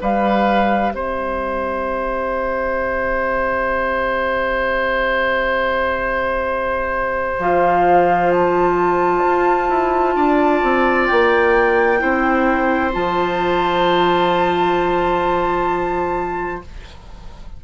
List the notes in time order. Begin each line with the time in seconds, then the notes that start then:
0.00 G3 G4 B4 F5
0.92 C4 C5 E5
7.39 F3 F4 F5
8.31 A5
9.24 F4
9.69 E4
10.15 D4 D5
10.63 C4
11.07 A#3 G5
11.98 C4 E4 C5
12.92 F3 F4 A5